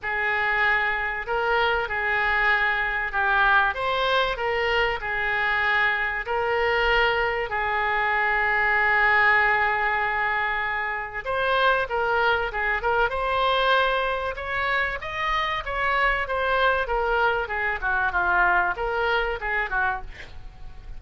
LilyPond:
\new Staff \with { instrumentName = "oboe" } { \time 4/4 \tempo 4 = 96 gis'2 ais'4 gis'4~ | gis'4 g'4 c''4 ais'4 | gis'2 ais'2 | gis'1~ |
gis'2 c''4 ais'4 | gis'8 ais'8 c''2 cis''4 | dis''4 cis''4 c''4 ais'4 | gis'8 fis'8 f'4 ais'4 gis'8 fis'8 | }